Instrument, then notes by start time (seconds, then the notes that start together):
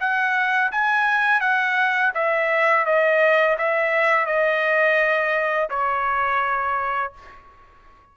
trumpet
0.00 F#5
0.72 G#5
1.41 F#5
2.15 E5
2.86 D#5
3.58 E5
4.26 D#5
5.70 C#5